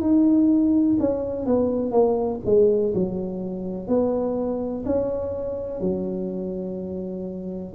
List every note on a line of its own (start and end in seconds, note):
0.00 0.97 D#4
0.99 1.46 C#4
1.46 1.91 B3
1.91 2.40 A#3
2.45 2.93 G#3
2.94 3.88 F#3
3.88 4.84 B3
4.85 5.80 C#4
5.80 7.74 F#3